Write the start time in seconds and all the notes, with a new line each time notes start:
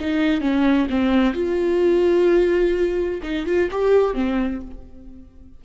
0.00 D#4
0.41 C#4
0.90 C4
1.34 F4
3.23 D#4
3.46 F4
3.71 G4
4.14 C4